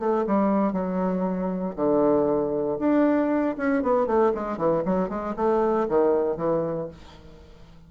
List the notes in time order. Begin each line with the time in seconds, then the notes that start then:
0.00 A3
0.27 G3
0.73 F#3
1.76 D3
2.79 D4
3.58 C#4
3.83 B3
4.07 A3
4.35 G#3
4.58 E3
4.86 F#3
5.10 G#3
5.37 A3
5.89 D#3
6.37 E3